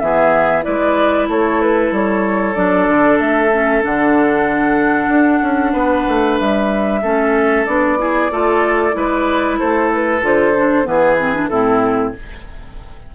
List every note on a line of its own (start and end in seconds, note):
0.00 0.65 E3
0.00 0.63 B3
0.00 0.65 G#4
0.00 0.64 E5
0.63 1.29 G#3
0.63 2.55 E4
0.63 1.29 B4
0.63 1.28 D5
1.29 1.92 A3
1.29 5.73 A4
1.29 1.62 C#5
1.62 1.94 B4
1.92 2.56 G3
1.92 2.55 C#5
2.55 2.89 F#3
2.55 3.51 D4
2.55 3.19 D5
2.89 3.20 D3
3.20 3.84 A3
3.20 3.84 E5
3.53 3.82 C#4
3.82 5.09 D3
3.82 7.02 D4
3.82 6.39 F#5
5.09 5.40 D4
5.43 5.74 C#4
5.73 6.06 B3
5.73 7.01 B4
6.08 6.40 A3
6.39 7.03 G3
6.39 7.66 E5
7.03 7.67 A3
7.03 7.68 C#4
7.03 7.98 A4
7.66 8.32 B3
7.66 7.98 D4
7.66 9.58 D5
7.98 8.30 E4
7.98 8.32 G#4
8.32 8.96 A3
8.32 8.93 F4
8.32 8.96 A4
8.93 9.60 G#3
8.93 10.20 E4
8.93 9.60 B4
9.60 10.23 A3
9.60 10.87 A4
9.60 9.91 C5
9.94 10.26 B4
10.22 10.86 D3
10.22 10.54 F4
10.22 10.87 C5
10.57 10.84 D4
10.84 11.50 E3
10.84 11.16 B3
10.84 11.49 B4
10.90 11.50 G#4
11.19 11.34 C4
11.34 11.50 D4
11.49 12.15 A2
11.49 12.15 C4
11.49 12.14 E4
11.49 12.13 A4